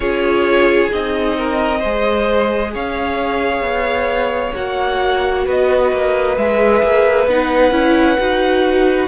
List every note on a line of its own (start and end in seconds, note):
0.00 0.88 C#4
0.00 0.91 F4
0.00 1.37 G#4
0.00 0.90 C#5
0.91 1.84 C4
0.91 1.81 D#4
0.91 2.74 D#5
1.37 1.79 A#4
1.79 2.74 G#3
1.79 4.54 G#4
1.79 2.70 C5
2.73 3.60 C#4
2.73 5.45 C#5
2.73 4.54 F5
3.60 4.51 B3
4.54 5.46 A#3
4.54 6.36 F#4
4.54 5.45 F#5
5.45 5.92 B3
5.45 9.07 B4
5.45 6.37 D#5
5.92 6.37 A#3
6.37 6.82 G#3
6.37 7.27 G#4
6.37 7.28 E5
6.82 7.26 A#3
7.26 7.71 B3
7.26 7.71 D#4
7.26 9.07 F#5
7.71 8.16 C#4
7.71 8.17 E4
8.19 9.07 D#4
8.19 9.07 F#4